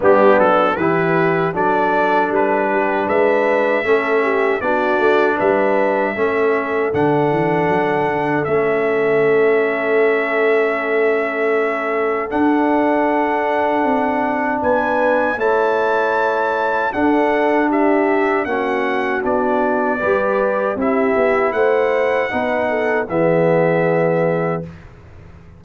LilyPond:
<<
  \new Staff \with { instrumentName = "trumpet" } { \time 4/4 \tempo 4 = 78 g'8 a'8 b'4 d''4 b'4 | e''2 d''4 e''4~ | e''4 fis''2 e''4~ | e''1 |
fis''2. gis''4 | a''2 fis''4 e''4 | fis''4 d''2 e''4 | fis''2 e''2 | }
  \new Staff \with { instrumentName = "horn" } { \time 4/4 d'4 g'4 a'4. g'8 | b'4 a'8 g'8 fis'4 b'4 | a'1~ | a'1~ |
a'2. b'4 | cis''2 a'4 g'4 | fis'2 b'4 g'4 | c''4 b'8 a'8 gis'2 | }
  \new Staff \with { instrumentName = "trombone" } { \time 4/4 b4 e'4 d'2~ | d'4 cis'4 d'2 | cis'4 d'2 cis'4~ | cis'1 |
d'1 | e'2 d'2 | cis'4 d'4 g'4 e'4~ | e'4 dis'4 b2 | }
  \new Staff \with { instrumentName = "tuba" } { \time 4/4 g8 fis8 e4 fis4 g4 | gis4 a4 b8 a8 g4 | a4 d8 e8 fis8 d8 a4~ | a1 |
d'2 c'4 b4 | a2 d'2 | ais4 b4 g4 c'8 b8 | a4 b4 e2 | }
>>